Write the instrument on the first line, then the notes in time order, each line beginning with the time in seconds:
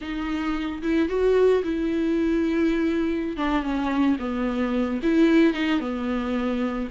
viola
0.01 D#4
0.82 E4
1.08 F#4
1.63 E4
3.37 D4
3.62 C#4
4.19 B3
5.02 E4
5.53 D#4
5.80 B3